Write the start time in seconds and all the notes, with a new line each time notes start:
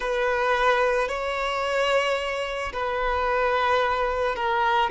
0.00 B4
1.08 C#5
2.72 B4
4.35 A#4